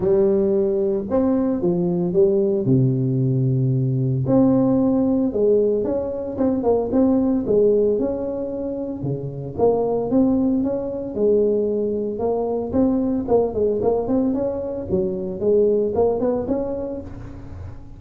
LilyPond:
\new Staff \with { instrumentName = "tuba" } { \time 4/4 \tempo 4 = 113 g2 c'4 f4 | g4 c2. | c'2 gis4 cis'4 | c'8 ais8 c'4 gis4 cis'4~ |
cis'4 cis4 ais4 c'4 | cis'4 gis2 ais4 | c'4 ais8 gis8 ais8 c'8 cis'4 | fis4 gis4 ais8 b8 cis'4 | }